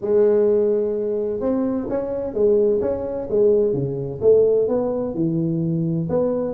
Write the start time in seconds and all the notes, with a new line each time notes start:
0.01 G#3
1.40 C4
1.89 C#4
2.33 G#3
2.81 C#4
3.30 G#3
3.73 C#3
4.21 A3
4.68 B3
5.14 E3
6.09 B3